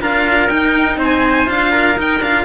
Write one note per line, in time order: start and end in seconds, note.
0.00 0.49 D4
0.00 0.49 F4
0.00 0.98 A#4
0.00 0.49 F5
0.49 0.97 D#4
0.49 1.47 D#4
0.49 0.98 G5
0.97 1.46 C4
0.97 1.71 C5
1.03 1.49 G#5
1.47 1.98 D4
1.47 1.96 F4
1.47 1.98 F5
1.71 2.45 A#4
1.97 2.21 D#4
1.97 2.20 D#4
1.97 2.23 G5
2.20 2.44 D4
2.20 2.45 F4
2.20 2.45 F5